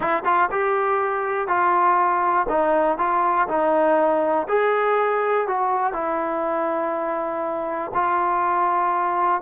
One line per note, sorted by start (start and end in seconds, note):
0.00 0.23 E4
0.25 0.49 F4
0.51 1.47 G4
1.47 2.46 F4
2.48 2.98 D#4
2.98 3.47 F4
3.48 4.47 D#4
4.48 5.47 G#4
5.47 5.93 F#4
5.93 7.91 E4
7.93 9.41 F4